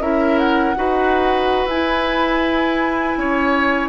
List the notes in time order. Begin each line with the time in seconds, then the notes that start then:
0.00 C#4 E4 A#4 E5
0.39 F#5
0.76 D#4 F#4 B4
1.66 E4 G#5
1.72 E4
3.17 C#4 C#5